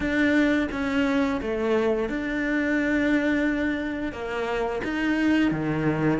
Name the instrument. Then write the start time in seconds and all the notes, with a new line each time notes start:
cello
0.00 D4
0.71 C#4
1.41 A3
2.09 D4
4.12 A#3
4.83 D#4
5.51 D#3